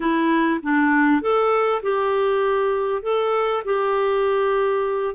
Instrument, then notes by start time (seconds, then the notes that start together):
clarinet
0.00 E4
0.63 D4
1.21 A4
1.82 G4
3.02 A4
3.64 G4